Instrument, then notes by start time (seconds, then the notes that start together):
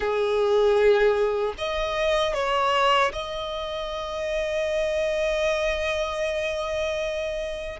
violin
0.00 G#4
1.58 D#5
2.34 C#5
3.12 D#5